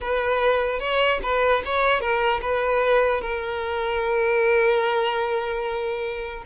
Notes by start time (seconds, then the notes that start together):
0.00 B4
0.79 C#5
1.22 B4
1.65 C#5
2.00 A#4
2.41 B4
3.21 A#4